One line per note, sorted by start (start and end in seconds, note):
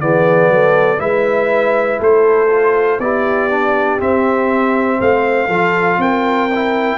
0.00 0.48 E3
0.00 0.98 B3
0.00 0.52 G#4
0.00 1.00 D5
0.48 0.98 F#3
0.48 1.01 A4
0.98 1.99 G#3
0.98 2.48 E4
0.98 2.00 B4
0.98 2.00 E5
2.00 2.99 A3
2.00 3.00 A4
2.00 3.00 C5
2.49 2.99 F4
2.99 3.99 B3
2.99 3.50 E4
2.99 5.00 G4
2.99 4.00 D5
3.50 3.99 D4
3.99 5.49 C4
3.99 5.00 C4
3.99 5.01 E5
5.00 5.48 A3
5.00 5.48 C5
5.00 6.01 F5
5.48 5.97 F3
5.48 6.49 F4
5.48 5.98 A4
5.97 6.97 C4
5.97 6.97 A#4
5.97 6.97 G5
6.55 6.97 E4